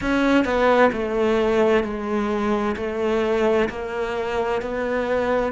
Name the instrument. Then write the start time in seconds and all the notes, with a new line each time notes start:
cello
0.01 C#4
0.44 B3
0.92 A3
1.83 G#3
2.76 A3
3.69 A#3
4.62 B3